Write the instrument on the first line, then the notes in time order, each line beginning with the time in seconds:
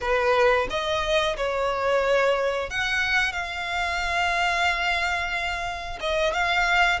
violin
0.00 B4
0.69 D#5
1.37 C#5
2.70 F#5
3.32 F5
6.00 D#5
6.33 F5